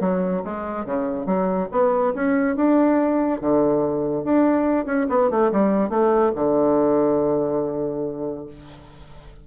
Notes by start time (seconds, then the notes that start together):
0.00 F#3
0.44 G#3
0.85 C#3
1.26 F#3
1.71 B3
2.14 C#4
2.56 D4
3.41 D3
4.24 D4
4.86 C#4
5.09 B3
5.30 A3
5.52 G3
5.89 A3
6.35 D3